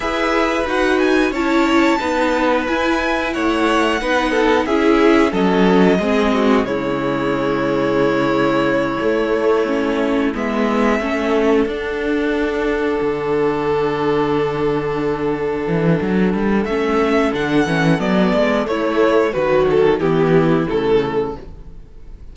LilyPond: <<
  \new Staff \with { instrumentName = "violin" } { \time 4/4 \tempo 4 = 90 e''4 fis''8 gis''8 a''2 | gis''4 fis''2 e''4 | dis''2 cis''2~ | cis''2.~ cis''8 e''8~ |
e''4. fis''2~ fis''8~ | fis''1~ | fis''4 e''4 fis''4 d''4 | cis''4 b'8 a'8 g'4 a'4 | }
  \new Staff \with { instrumentName = "violin" } { \time 4/4 b'2 cis''4 b'4~ | b'4 cis''4 b'8 a'8 gis'4 | a'4 gis'8 fis'8 e'2~ | e'1~ |
e'8 a'2.~ a'8~ | a'1~ | a'1 | e'4 fis'4 e'2 | }
  \new Staff \with { instrumentName = "viola" } { \time 4/4 gis'4 fis'4 e'4 dis'4 | e'2 dis'4 e'4 | cis'4 c'4 gis2~ | gis4. a4 cis'4 b8~ |
b8 cis'4 d'2~ d'8~ | d'1~ | d'4 cis'4 d'8 cis'8 b4 | a4 fis4 b4 a4 | }
  \new Staff \with { instrumentName = "cello" } { \time 4/4 e'4 dis'4 cis'4 b4 | e'4 a4 b4 cis'4 | fis4 gis4 cis2~ | cis4. a2 gis8~ |
gis8 a4 d'2 d8~ | d2.~ d8 e8 | fis8 g8 a4 d8 e8 fis8 gis8 | a4 dis4 e4 cis4 | }
>>